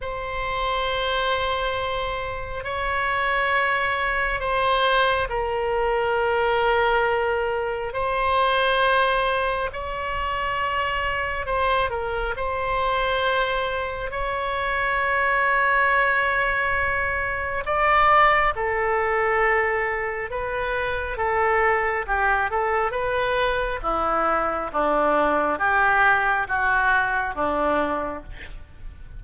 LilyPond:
\new Staff \with { instrumentName = "oboe" } { \time 4/4 \tempo 4 = 68 c''2. cis''4~ | cis''4 c''4 ais'2~ | ais'4 c''2 cis''4~ | cis''4 c''8 ais'8 c''2 |
cis''1 | d''4 a'2 b'4 | a'4 g'8 a'8 b'4 e'4 | d'4 g'4 fis'4 d'4 | }